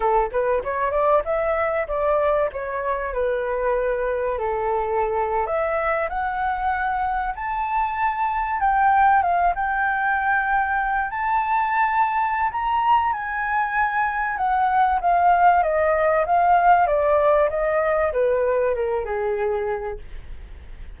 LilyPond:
\new Staff \with { instrumentName = "flute" } { \time 4/4 \tempo 4 = 96 a'8 b'8 cis''8 d''8 e''4 d''4 | cis''4 b'2 a'4~ | a'8. e''4 fis''2 a''16~ | a''4.~ a''16 g''4 f''8 g''8.~ |
g''4.~ g''16 a''2~ a''16 | ais''4 gis''2 fis''4 | f''4 dis''4 f''4 d''4 | dis''4 b'4 ais'8 gis'4. | }